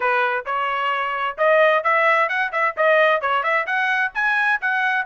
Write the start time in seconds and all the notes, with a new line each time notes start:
0.00 B4
0.45 C#5
1.37 D#5
1.83 E5
2.28 F#5
2.52 E5
2.76 D#5
3.21 C#5
3.43 E5
3.66 F#5
4.14 G#5
4.61 F#5